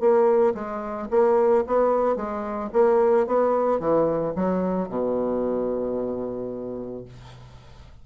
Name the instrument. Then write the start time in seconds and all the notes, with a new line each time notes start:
bassoon
0.00 A#3
0.54 G#3
1.10 A#3
1.67 B3
2.16 G#3
2.73 A#3
3.27 B3
3.80 E3
4.35 F#3
4.89 B2